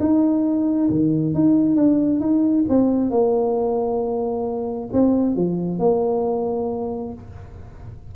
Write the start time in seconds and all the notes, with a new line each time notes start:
0.00 D#4
0.90 D#3
1.35 D#4
1.76 D4
2.20 D#4
2.69 C4
3.11 A#3
4.93 C4
5.36 F3
5.79 A#3